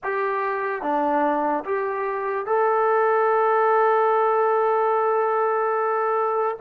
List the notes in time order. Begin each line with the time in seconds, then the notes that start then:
0.03 G4
0.81 D4
1.64 G4
2.45 A4